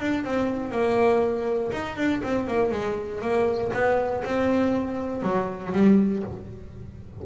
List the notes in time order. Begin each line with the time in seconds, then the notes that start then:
0.00 D4
0.24 C4
0.72 A#3
1.72 D#4
1.97 D4
2.23 C4
2.47 A#3
2.71 G#3
3.21 A#3
3.73 B3
4.24 C4
5.23 F#3
5.73 G3